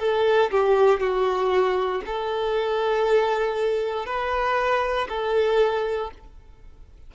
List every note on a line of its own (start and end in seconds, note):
0.00 0.51 A4
0.51 1.00 G4
1.00 2.02 F#4
2.07 4.06 A4
4.06 5.08 B4
5.09 6.11 A4